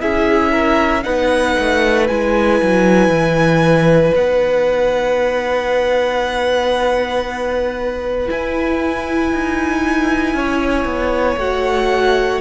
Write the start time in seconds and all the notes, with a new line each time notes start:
0.00 C#4 E4 G#4 E5
0.52 A#4
1.03 B3 D#4 B4 F#5
1.59 A3
2.08 G#3 E4 G#5
2.62 F#3
3.09 E3
4.15 B3 D#4 F#5
8.27 E4 G#5
9.33 D#4
10.34 C#4 C#5
10.85 B3
11.37 A3 F#4 F#5